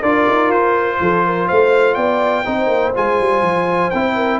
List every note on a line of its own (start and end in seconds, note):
0.00 0.26 D4
0.00 2.45 F4
0.00 0.98 A#4
0.00 0.51 D5
0.28 0.49 D#4
0.49 0.98 F4
0.49 1.48 C5
1.01 1.49 F3
1.01 1.26 A4
1.26 1.47 A#4
1.47 1.96 A3
1.47 1.96 C5
1.47 1.94 F5
1.94 2.45 B3
1.94 2.45 D5
1.94 2.92 G5
2.45 2.67 C4
2.45 2.94 D#4
2.45 4.15 C5
2.67 2.91 A#3
2.95 3.20 G#3
2.95 3.92 F4
2.95 3.90 G#5
3.20 3.42 G3
3.42 3.91 F3
3.90 4.40 C4
3.90 4.40 E4
3.90 4.39 G5
4.15 4.39 A#4